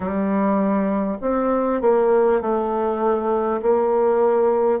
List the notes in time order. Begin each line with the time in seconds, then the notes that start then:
0.00 G3
1.21 C4
1.81 A#3
2.41 A3
3.62 A#3